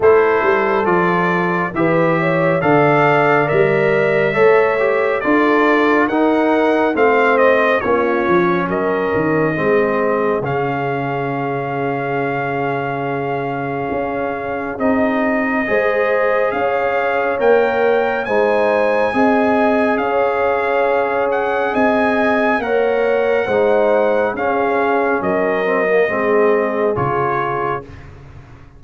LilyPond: <<
  \new Staff \with { instrumentName = "trumpet" } { \time 4/4 \tempo 4 = 69 c''4 d''4 e''4 f''4 | e''2 d''4 fis''4 | f''8 dis''8 cis''4 dis''2 | f''1~ |
f''4 dis''2 f''4 | g''4 gis''2 f''4~ | f''8 fis''8 gis''4 fis''2 | f''4 dis''2 cis''4 | }
  \new Staff \with { instrumentName = "horn" } { \time 4/4 a'2 b'8 cis''8 d''4~ | d''4 cis''4 a'4 ais'4 | c''4 f'4 ais'4 gis'4~ | gis'1~ |
gis'2 c''4 cis''4~ | cis''4 c''4 dis''4 cis''4~ | cis''4 dis''4 cis''4 c''4 | gis'4 ais'4 gis'2 | }
  \new Staff \with { instrumentName = "trombone" } { \time 4/4 e'4 f'4 g'4 a'4 | ais'4 a'8 g'8 f'4 dis'4 | c'4 cis'2 c'4 | cis'1~ |
cis'4 dis'4 gis'2 | ais'4 dis'4 gis'2~ | gis'2 ais'4 dis'4 | cis'4. c'16 ais16 c'4 f'4 | }
  \new Staff \with { instrumentName = "tuba" } { \time 4/4 a8 g8 f4 e4 d4 | g4 a4 d'4 dis'4 | a4 ais8 f8 fis8 dis8 gis4 | cis1 |
cis'4 c'4 gis4 cis'4 | ais4 gis4 c'4 cis'4~ | cis'4 c'4 ais4 gis4 | cis'4 fis4 gis4 cis4 | }
>>